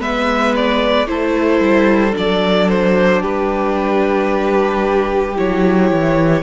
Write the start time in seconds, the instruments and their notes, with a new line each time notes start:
0.00 cello G#3, viola B3, violin B4 E5
0.56 violin D5
1.07 cello A3, viola E4, violin A4 C5
1.60 cello G3
2.12 cello F#3, viola D4, violin D5
2.69 violin C5
3.21 cello G3, violin G4 B4
5.36 cello F#3, viola E4, violin C#5
5.92 cello E3